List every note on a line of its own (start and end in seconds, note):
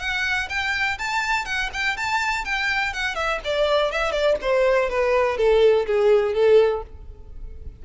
0.00 0.49 F#5
0.50 0.98 G5
0.99 1.46 A5
1.46 1.70 F#5
1.74 1.97 G5
1.97 2.45 A5
2.45 2.94 G5
2.94 3.16 F#5
3.16 3.40 E5
3.45 3.92 D5
3.92 4.12 E5
4.12 4.36 D5
4.42 4.90 C5
4.90 5.37 B4
5.37 5.86 A4
5.87 6.34 G#4
6.34 6.83 A4